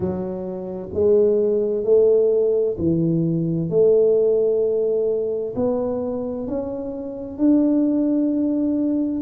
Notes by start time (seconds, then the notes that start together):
0.00 F#3
0.93 G#3
1.84 A3
2.77 E3
3.69 A3
5.55 B3
6.47 C#4
7.38 D4